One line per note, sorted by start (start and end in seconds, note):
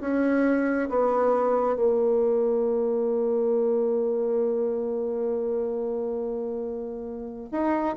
0.00 0.88 C#4
0.89 1.75 B3
1.75 7.49 A#3
7.51 7.95 D#4